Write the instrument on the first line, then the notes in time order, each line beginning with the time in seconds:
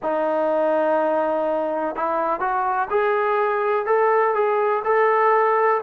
trombone
0.02 D#4
1.95 E4
2.40 F#4
2.90 G#4
3.86 A4
4.34 G#4
4.84 A4